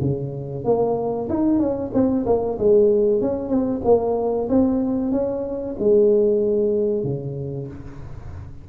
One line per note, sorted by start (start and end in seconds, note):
0.00 0.64 C#3
0.64 1.28 A#3
1.29 1.59 D#4
1.59 1.91 C#4
1.93 2.25 C4
2.25 2.57 A#3
2.58 3.21 G#3
3.21 3.48 C#4
3.48 3.80 C4
3.84 4.48 A#3
4.49 5.11 C4
5.11 5.75 C#4
5.79 7.03 G#3
7.03 7.67 C#3